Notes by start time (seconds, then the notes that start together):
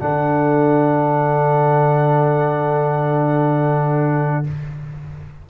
0.00 D3 D4 A4 F#5